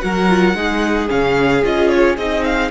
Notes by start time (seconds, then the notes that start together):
0.00 F#3 F#4 A#4 F#5
0.29 F4
0.55 G#3 D#4 G#4
1.08 C#3 C#4 F5
1.63 C#4 F4 D#5
1.89 C#5
2.17 C4 D#4 D#5
2.44 F5